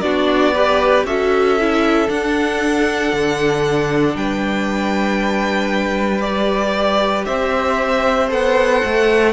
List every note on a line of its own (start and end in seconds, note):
0.00 1.04 B3
0.00 0.54 D4
0.00 0.54 F#4
0.00 1.03 D5
0.54 1.06 G4
0.54 1.06 B4
1.04 2.07 C#4
1.04 1.57 F#4
1.04 4.17 A4
1.04 2.09 E5
1.60 2.07 E4
2.07 6.20 D4
2.07 3.12 D4
2.07 4.16 F#5
3.12 4.15 D3
4.15 7.25 G3
4.15 7.26 B4
4.15 6.21 G5
6.21 8.28 G4
6.21 7.24 D5
7.25 8.31 C4
7.25 9.32 C5
7.25 8.28 E5
8.28 8.83 B3
8.28 9.32 A4
8.28 9.32 F#5
8.84 9.32 A3